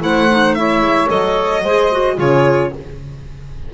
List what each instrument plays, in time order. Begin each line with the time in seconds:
0.00 double bass A3, clarinet E4, saxophone C5, violin F#5
0.31 clarinet D#4
0.54 clarinet E4, saxophone C#5, violin E5
0.81 double bass G#3
1.07 double bass F#3, clarinet A4, violin D#5
1.62 double bass G#3, clarinet G#4, saxophone C5
1.92 clarinet F#4
2.16 double bass C#3, clarinet F4, saxophone G#4, violin C#5